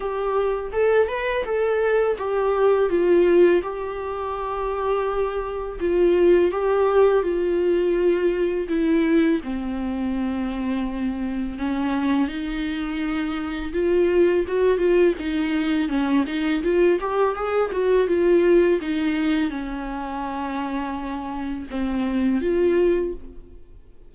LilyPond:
\new Staff \with { instrumentName = "viola" } { \time 4/4 \tempo 4 = 83 g'4 a'8 b'8 a'4 g'4 | f'4 g'2. | f'4 g'4 f'2 | e'4 c'2. |
cis'4 dis'2 f'4 | fis'8 f'8 dis'4 cis'8 dis'8 f'8 g'8 | gis'8 fis'8 f'4 dis'4 cis'4~ | cis'2 c'4 f'4 | }